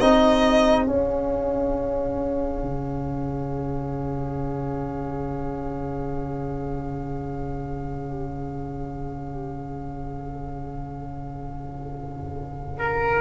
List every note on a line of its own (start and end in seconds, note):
0.00 0.87 C4
0.00 0.87 D#4
0.00 12.79 G#4
0.00 0.87 D#5
0.87 13.21 C#4
0.87 2.62 C#4
0.87 13.21 F5
2.62 13.21 C#3
12.79 13.21 A#4